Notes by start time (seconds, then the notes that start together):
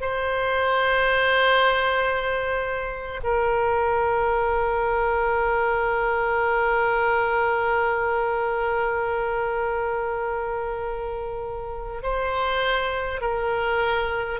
0.00 C5
3.23 A#4
12.03 C5
13.21 A#4